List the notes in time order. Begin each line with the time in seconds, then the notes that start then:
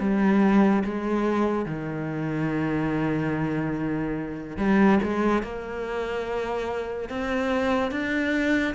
0.00 G3
0.85 G#3
1.66 D#3
4.58 G3
5.03 G#3
5.43 A#3
7.09 C4
7.91 D4